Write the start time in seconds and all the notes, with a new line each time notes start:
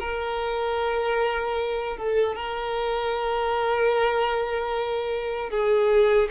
0.00 A#4
1.98 A4
2.36 A#4
5.50 G#4